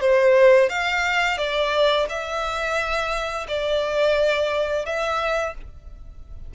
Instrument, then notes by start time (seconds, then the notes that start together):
violin
0.00 C5
0.69 F5
1.37 D5
2.09 E5
3.48 D5
4.85 E5